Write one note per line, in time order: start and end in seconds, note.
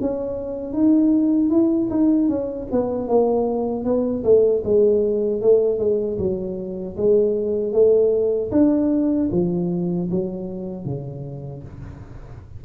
0.00 0.73 C#4
0.73 1.49 D#4
1.49 1.88 E4
1.90 2.28 D#4
2.28 2.67 C#4
2.71 3.07 B3
3.07 3.84 A#3
3.84 4.23 B3
4.24 4.63 A3
4.64 5.41 G#3
5.41 5.78 A3
5.78 6.17 G#3
6.18 6.96 F#3
6.96 7.72 G#3
7.72 8.50 A3
8.51 9.29 D4
9.31 10.09 F3
10.11 10.85 F#3
10.85 11.63 C#3